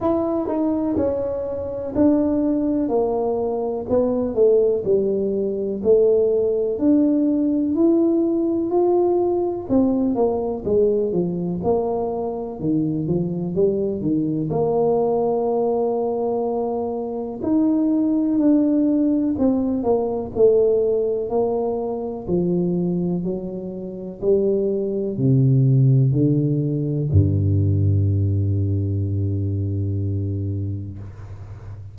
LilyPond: \new Staff \with { instrumentName = "tuba" } { \time 4/4 \tempo 4 = 62 e'8 dis'8 cis'4 d'4 ais4 | b8 a8 g4 a4 d'4 | e'4 f'4 c'8 ais8 gis8 f8 | ais4 dis8 f8 g8 dis8 ais4~ |
ais2 dis'4 d'4 | c'8 ais8 a4 ais4 f4 | fis4 g4 c4 d4 | g,1 | }